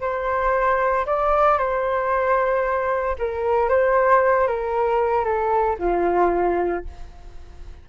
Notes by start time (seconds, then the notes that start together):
0.00 C5
1.06 D5
1.58 C5
3.18 A#4
3.68 C5
4.47 A#4
5.24 A4
5.79 F4